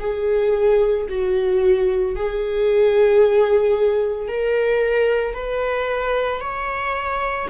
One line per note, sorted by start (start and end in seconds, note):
0.00 1.07 G#4
1.10 2.16 F#4
2.16 4.29 G#4
4.29 5.34 A#4
5.34 6.41 B4
6.41 7.48 C#5